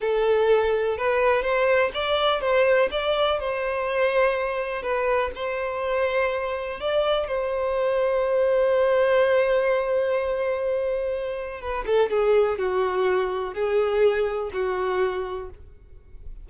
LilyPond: \new Staff \with { instrumentName = "violin" } { \time 4/4 \tempo 4 = 124 a'2 b'4 c''4 | d''4 c''4 d''4 c''4~ | c''2 b'4 c''4~ | c''2 d''4 c''4~ |
c''1~ | c''1 | b'8 a'8 gis'4 fis'2 | gis'2 fis'2 | }